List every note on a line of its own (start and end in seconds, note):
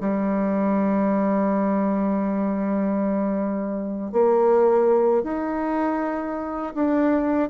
0.00 4.12 G3
4.12 5.23 A#3
5.23 6.73 D#4
6.74 7.49 D4